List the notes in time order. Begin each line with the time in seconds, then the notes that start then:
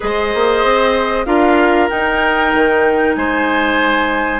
0.00 G#3 G#4 C5 D#5
0.34 A#3
0.64 C4
1.25 D4 F4 A#4 F5
1.89 D#4 G5
2.54 D#3
3.14 G#3 C5 G#5